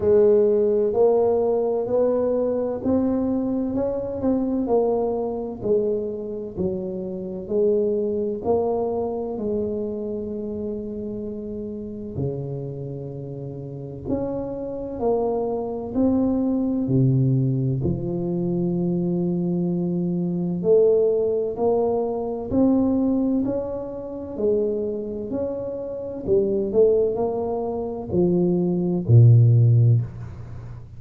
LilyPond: \new Staff \with { instrumentName = "tuba" } { \time 4/4 \tempo 4 = 64 gis4 ais4 b4 c'4 | cis'8 c'8 ais4 gis4 fis4 | gis4 ais4 gis2~ | gis4 cis2 cis'4 |
ais4 c'4 c4 f4~ | f2 a4 ais4 | c'4 cis'4 gis4 cis'4 | g8 a8 ais4 f4 ais,4 | }